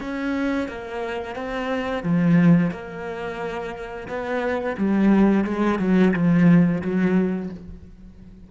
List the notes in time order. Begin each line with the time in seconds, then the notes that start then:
0.00 C#4
0.68 A#3
1.35 C4
2.03 F3
2.71 A#3
4.08 B3
4.78 G3
5.44 G#3
5.79 F#3
6.13 F3
6.81 F#3